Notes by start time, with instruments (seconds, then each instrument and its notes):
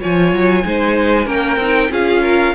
0.00 cello F3, viola F4, violin C#5 G#5
0.32 cello F#3
0.64 cello G#3, viola D#4, violin C5
1.25 cello A#3, viola C#4, violin A#4 G5
1.56 cello C4, viola D#4
1.91 cello C#4, viola F4, violin G#4 F5
2.22 violin A#4